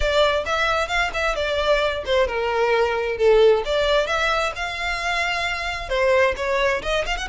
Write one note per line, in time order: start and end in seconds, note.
0.00 0.44 D5
0.45 0.88 E5
0.88 1.10 F5
1.13 1.35 E5
1.35 2.03 D5
2.05 2.27 C5
2.27 3.17 A#4
3.17 3.63 A4
3.65 4.06 D5
4.06 4.52 E5
4.55 5.89 F5
5.89 6.34 C5
6.36 6.82 C#5
6.82 7.05 D#5
7.05 7.16 F5
7.16 7.28 F#5